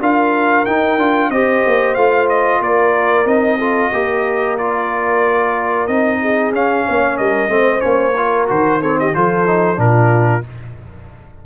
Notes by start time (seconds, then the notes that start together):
0.00 D4 F4 A#4 F5
0.65 D#4 G5
0.97 D4 F4
1.30 C4 G4 C5 D#5
1.66 A#3
1.94 A3 F4 F5
2.29 D#5
2.60 A#3 A#4 D5
3.25 C4 D#4 D#5
3.58 F4 A4
3.92 A#3 G4 A#4
4.58 F4 D5
5.87 C4 D#4 D#5
6.21 G#4
6.51 C#4 F5
6.86 A#3 C#5
7.17 G3 A#4 D#5
7.49 A3 C4 C5
7.79 A#3 C#4 C#5
8.17 F4 A#4
8.47 D#3 F#4 C5
8.80 C4 A4 C#5
8.99 G4 D#5
9.14 F3 F4 A4 C5
9.46 D#4
9.76 A#2 D4 F4 A#4